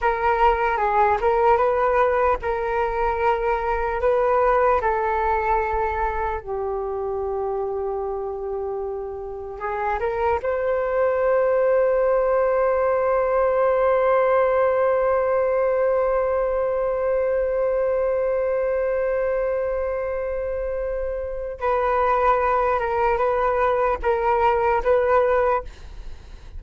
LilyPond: \new Staff \with { instrumentName = "flute" } { \time 4/4 \tempo 4 = 75 ais'4 gis'8 ais'8 b'4 ais'4~ | ais'4 b'4 a'2 | g'1 | gis'8 ais'8 c''2.~ |
c''1~ | c''1~ | c''2. b'4~ | b'8 ais'8 b'4 ais'4 b'4 | }